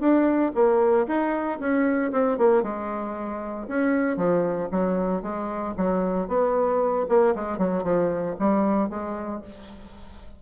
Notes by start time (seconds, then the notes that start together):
0.00 D4
0.55 A#3
1.07 D#4
1.60 C#4
2.12 C4
2.38 A#3
2.63 G#3
3.68 C#4
4.17 F3
4.71 F#3
5.22 G#3
5.77 F#3
6.28 B3
7.09 A#3
7.35 G#3
7.58 F#3
7.84 F3
8.39 G3
8.90 G#3